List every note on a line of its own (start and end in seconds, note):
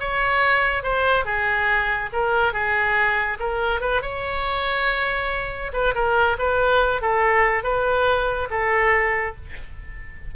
0.00 0.83 C#5
0.83 1.25 C5
1.25 2.10 G#4
2.13 2.53 A#4
2.53 3.38 G#4
3.40 3.81 A#4
3.81 4.02 B4
4.02 5.72 C#5
5.73 5.95 B4
5.95 6.37 A#4
6.39 7.02 B4
7.02 7.64 A4
7.64 8.49 B4
8.50 9.36 A4